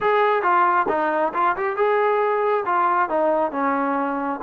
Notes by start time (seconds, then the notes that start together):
0.01 G#4
0.42 F4
0.88 D#4
1.34 F4
1.56 G4
1.76 G#4
2.65 F4
3.09 D#4
3.51 C#4